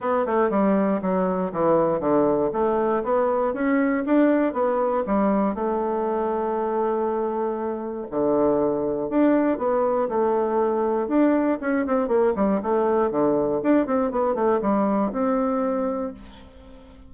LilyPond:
\new Staff \with { instrumentName = "bassoon" } { \time 4/4 \tempo 4 = 119 b8 a8 g4 fis4 e4 | d4 a4 b4 cis'4 | d'4 b4 g4 a4~ | a1 |
d2 d'4 b4 | a2 d'4 cis'8 c'8 | ais8 g8 a4 d4 d'8 c'8 | b8 a8 g4 c'2 | }